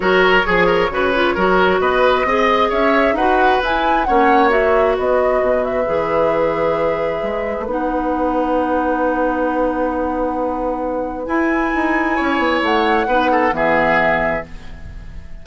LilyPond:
<<
  \new Staff \with { instrumentName = "flute" } { \time 4/4 \tempo 4 = 133 cis''1 | dis''2 e''4 fis''4 | gis''4 fis''4 e''4 dis''4~ | dis''8 e''2.~ e''8~ |
e''4 fis''2.~ | fis''1~ | fis''4 gis''2. | fis''2 e''2 | }
  \new Staff \with { instrumentName = "oboe" } { \time 4/4 ais'4 gis'8 ais'8 b'4 ais'4 | b'4 dis''4 cis''4 b'4~ | b'4 cis''2 b'4~ | b'1~ |
b'1~ | b'1~ | b'2. cis''4~ | cis''4 b'8 a'8 gis'2 | }
  \new Staff \with { instrumentName = "clarinet" } { \time 4/4 fis'4 gis'4 fis'8 f'8 fis'4~ | fis'4 gis'2 fis'4 | e'4 cis'4 fis'2~ | fis'4 gis'2.~ |
gis'4 dis'2.~ | dis'1~ | dis'4 e'2.~ | e'4 dis'4 b2 | }
  \new Staff \with { instrumentName = "bassoon" } { \time 4/4 fis4 f4 cis4 fis4 | b4 c'4 cis'4 dis'4 | e'4 ais2 b4 | b,4 e2. |
gis8. a16 b2.~ | b1~ | b4 e'4 dis'4 cis'8 b8 | a4 b4 e2 | }
>>